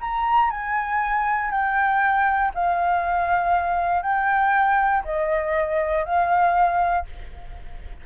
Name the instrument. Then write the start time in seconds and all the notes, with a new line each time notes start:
flute
0.00 A#5
0.50 G#5
1.51 G5
2.54 F5
4.02 G5
5.04 D#5
6.04 F5